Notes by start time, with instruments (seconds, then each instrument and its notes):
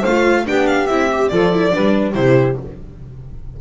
0.00 double bass A3, saxophone C5, violin F5
0.07 viola F4
0.45 double bass B3, viola D4, saxophone G4, violin G5
0.67 violin F5
0.86 double bass C4, viola E4, violin E5
1.11 viola G4
1.28 double bass F3, viola F4, saxophone A4, violin D5
1.52 viola E4
1.71 double bass G3, viola D4, saxophone B4
2.14 double bass C3, viola E4, saxophone G4, violin C5